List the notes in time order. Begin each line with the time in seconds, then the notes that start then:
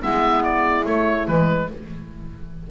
0.00 G#3 B3 E4 E5
0.44 D5
0.85 A3 C#5
1.27 E3 G#3 B4